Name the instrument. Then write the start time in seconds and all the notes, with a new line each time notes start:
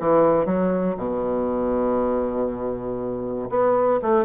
bassoon
0.00 E3
0.46 F#3
0.97 B2
3.50 B3
4.02 A3